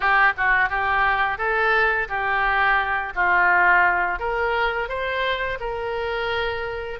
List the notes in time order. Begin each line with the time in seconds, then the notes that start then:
0.00 G4
0.37 F#4
0.69 G4
1.38 A4
2.08 G4
3.15 F4
4.19 A#4
4.88 C5
5.60 A#4